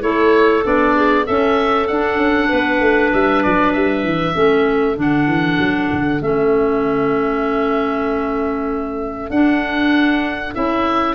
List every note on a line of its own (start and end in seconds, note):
0.00 0.64 A3
0.00 0.62 E4
0.00 0.96 A4
0.00 0.63 C#5
0.63 1.27 B3
0.63 1.25 D4
0.63 1.26 D5
0.96 1.25 G#4
1.25 1.89 C#4
1.25 2.48 A4
1.25 1.87 E5
1.87 4.34 D4
1.87 2.16 D4
1.87 3.11 F#5
2.16 2.47 C#4
2.48 2.80 B3
2.48 4.34 B4
2.80 3.11 A3
3.12 3.44 G3
3.12 3.43 E5
3.43 3.75 F#3
3.43 3.72 D5
3.72 4.03 G3
3.72 4.96 E5
4.03 4.34 E3
4.34 4.97 A3
4.34 4.95 C#4
4.34 11.14 A4
4.96 5.27 D3
4.96 6.19 D4
4.96 6.22 F#5
5.27 5.58 E3
5.58 5.89 F#3
5.92 6.21 D3
6.21 9.30 A3
6.21 9.31 C#4
6.21 9.30 E5
9.30 10.53 D4
9.30 10.54 D4
9.30 10.54 F#5
10.54 11.15 C#4
10.54 11.15 E4
10.54 11.15 E5